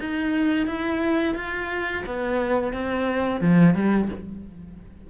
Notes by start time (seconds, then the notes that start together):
0.00 D#4
0.67 E4
1.35 F4
2.07 B3
2.73 C4
3.41 F3
3.75 G3